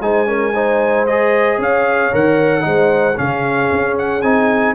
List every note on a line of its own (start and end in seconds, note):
0.00 1.58 G#3
0.00 0.26 D#4
0.00 0.28 C5
0.00 1.06 G#5
0.26 0.53 C#4
0.26 0.54 A#4
0.54 1.08 D#4
0.54 1.58 C5
1.06 2.12 G#4
1.06 1.59 D#5
1.58 2.11 C#4
1.58 2.64 C#5
1.58 2.14 F5
2.12 2.65 D#3
2.12 2.61 A#4
2.12 3.18 F#5
2.61 3.18 G#3
2.61 3.13 D#4
2.61 3.18 C5
3.16 3.71 C#3
3.16 4.21 C#4
3.16 4.75 G#4
3.16 3.96 F5
3.72 4.22 C#4
3.98 4.21 F#5
4.21 4.75 C4
4.21 4.75 D#4
4.21 4.74 G#5